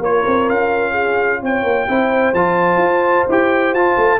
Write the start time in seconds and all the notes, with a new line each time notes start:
0.00 A#3 F4 A#4 C#5
0.26 C4
0.50 C#4 F5
0.92 G#4
1.41 C4 C#5 G5
1.63 A#3
1.88 C4 E4 C5
2.34 F3 F4 A5
2.77 F4
3.29 E4 G4 G5
3.73 F4 A5
3.97 A3